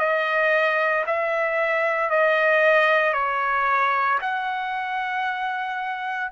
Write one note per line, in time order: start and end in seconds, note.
0.00 1.05 D#5
1.07 2.11 E5
2.11 3.14 D#5
3.14 4.19 C#5
4.22 6.32 F#5